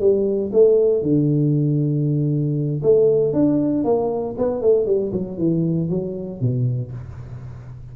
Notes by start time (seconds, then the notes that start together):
0.00 G3
0.53 A3
1.03 D3
2.83 A3
3.33 D4
3.84 A#3
4.38 B3
4.61 A3
4.86 G3
5.12 F#3
5.38 E3
5.90 F#3
6.41 B2